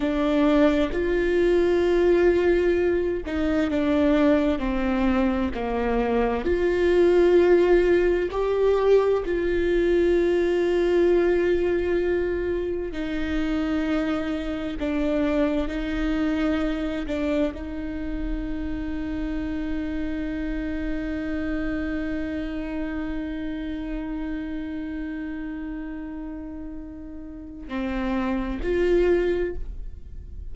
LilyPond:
\new Staff \with { instrumentName = "viola" } { \time 4/4 \tempo 4 = 65 d'4 f'2~ f'8 dis'8 | d'4 c'4 ais4 f'4~ | f'4 g'4 f'2~ | f'2 dis'2 |
d'4 dis'4. d'8 dis'4~ | dis'1~ | dis'1~ | dis'2 c'4 f'4 | }